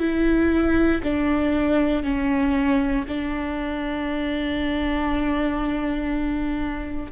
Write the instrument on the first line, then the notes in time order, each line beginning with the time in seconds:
viola
0.00 E4
1.04 D4
2.04 C#4
3.08 D4